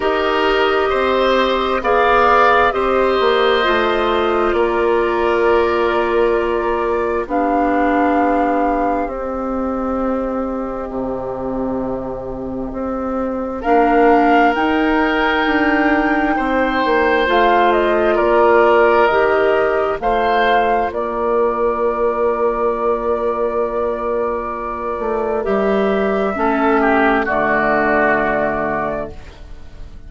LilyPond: <<
  \new Staff \with { instrumentName = "flute" } { \time 4/4 \tempo 4 = 66 dis''2 f''4 dis''4~ | dis''4 d''2. | f''2 dis''2~ | dis''2. f''4 |
g''2. f''8 dis''8 | d''4 dis''4 f''4 d''4~ | d''1 | e''2 d''2 | }
  \new Staff \with { instrumentName = "oboe" } { \time 4/4 ais'4 c''4 d''4 c''4~ | c''4 ais'2. | g'1~ | g'2. ais'4~ |
ais'2 c''2 | ais'2 c''4 ais'4~ | ais'1~ | ais'4 a'8 g'8 fis'2 | }
  \new Staff \with { instrumentName = "clarinet" } { \time 4/4 g'2 gis'4 g'4 | f'1 | d'2 c'2~ | c'2. d'4 |
dis'2. f'4~ | f'4 g'4 f'2~ | f'1 | g'4 cis'4 a2 | }
  \new Staff \with { instrumentName = "bassoon" } { \time 4/4 dis'4 c'4 b4 c'8 ais8 | a4 ais2. | b2 c'2 | c2 c'4 ais4 |
dis'4 d'4 c'8 ais8 a4 | ais4 dis4 a4 ais4~ | ais2.~ ais8 a8 | g4 a4 d2 | }
>>